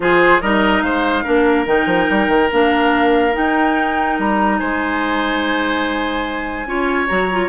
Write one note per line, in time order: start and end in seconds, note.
0.00 0.41 F3
0.00 0.42 F4
0.00 0.41 G#4
0.00 0.41 C5
0.41 0.82 G3
0.41 1.24 D#4
0.41 0.83 A#4
0.41 0.81 D#5
0.81 1.23 G#3
0.81 1.23 C5
0.81 1.64 F5
1.23 1.66 A#3
1.23 1.65 D4
1.23 4.56 A#4
1.65 1.86 D#3
1.65 2.48 D#4
1.65 2.50 G5
1.86 2.06 F3
2.10 2.28 G3
2.28 2.49 D#3
2.52 3.36 A#3
2.52 3.32 D4
2.52 3.35 F5
3.32 6.65 D#4
3.32 4.18 D#4
3.32 4.18 G5
4.18 4.60 G3
4.18 4.58 A#5
4.58 6.66 G#3
4.58 6.67 C5
4.58 7.07 G#5
6.66 7.07 C#4
6.66 7.08 F4
6.66 7.48 C#5
7.07 7.48 F#3
7.07 7.29 F#4
7.07 7.48 A#5
7.31 7.48 F4